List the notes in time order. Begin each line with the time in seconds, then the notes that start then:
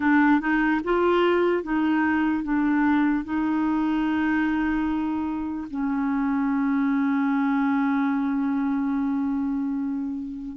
0.00 D4
0.40 D#4
0.84 F4
1.63 D#4
2.43 D4
3.24 D#4
5.70 C#4